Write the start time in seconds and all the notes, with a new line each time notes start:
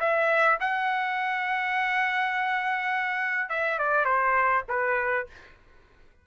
0.00 E5
0.60 F#5
3.49 E5
3.79 D5
4.05 C5
4.68 B4